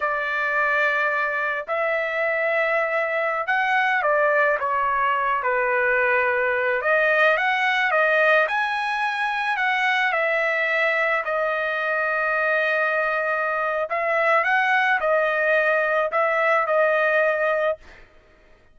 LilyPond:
\new Staff \with { instrumentName = "trumpet" } { \time 4/4 \tempo 4 = 108 d''2. e''4~ | e''2~ e''16 fis''4 d''8.~ | d''16 cis''4. b'2~ b'16~ | b'16 dis''4 fis''4 dis''4 gis''8.~ |
gis''4~ gis''16 fis''4 e''4.~ e''16~ | e''16 dis''2.~ dis''8.~ | dis''4 e''4 fis''4 dis''4~ | dis''4 e''4 dis''2 | }